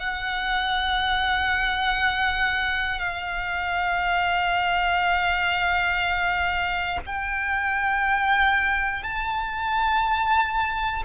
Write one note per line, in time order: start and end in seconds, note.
0.00 3.00 F#5
3.00 7.00 F5
7.06 9.03 G5
9.03 11.03 A5